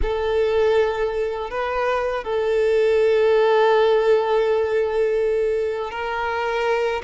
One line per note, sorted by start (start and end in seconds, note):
0.02 1.50 A4
1.50 2.24 B4
2.24 5.91 A4
5.91 7.02 A#4